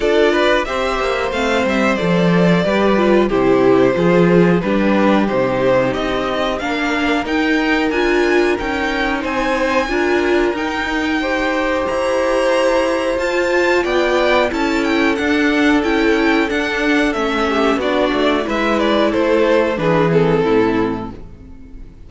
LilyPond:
<<
  \new Staff \with { instrumentName = "violin" } { \time 4/4 \tempo 4 = 91 d''4 e''4 f''8 e''8 d''4~ | d''4 c''2 b'4 | c''4 dis''4 f''4 g''4 | gis''4 g''4 gis''2 |
g''2 ais''2 | a''4 g''4 a''8 g''8 fis''4 | g''4 fis''4 e''4 d''4 | e''8 d''8 c''4 b'8 a'4. | }
  \new Staff \with { instrumentName = "violin" } { \time 4/4 a'8 b'8 c''2. | b'4 g'4 gis'4 g'4~ | g'2 ais'2~ | ais'2 c''4 ais'4~ |
ais'4 c''2.~ | c''4 d''4 a'2~ | a'2~ a'8 g'8 fis'4 | b'4 a'4 gis'4 e'4 | }
  \new Staff \with { instrumentName = "viola" } { \time 4/4 f'4 g'4 c'4 a'4 | g'8 f'8 e'4 f'4 d'4 | dis'2 d'4 dis'4 | f'4 dis'2 f'4 |
dis'4 g'2. | f'2 e'4 d'4 | e'4 d'4 cis'4 d'4 | e'2 d'8 c'4. | }
  \new Staff \with { instrumentName = "cello" } { \time 4/4 d'4 c'8 ais8 a8 g8 f4 | g4 c4 f4 g4 | c4 c'4 ais4 dis'4 | d'4 cis'4 c'4 d'4 |
dis'2 e'2 | f'4 b4 cis'4 d'4 | cis'4 d'4 a4 b8 a8 | gis4 a4 e4 a,4 | }
>>